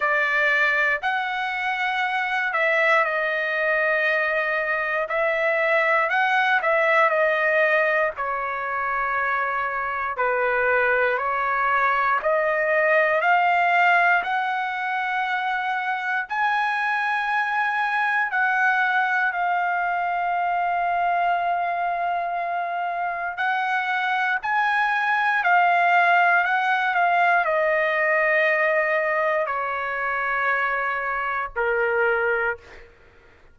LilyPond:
\new Staff \with { instrumentName = "trumpet" } { \time 4/4 \tempo 4 = 59 d''4 fis''4. e''8 dis''4~ | dis''4 e''4 fis''8 e''8 dis''4 | cis''2 b'4 cis''4 | dis''4 f''4 fis''2 |
gis''2 fis''4 f''4~ | f''2. fis''4 | gis''4 f''4 fis''8 f''8 dis''4~ | dis''4 cis''2 ais'4 | }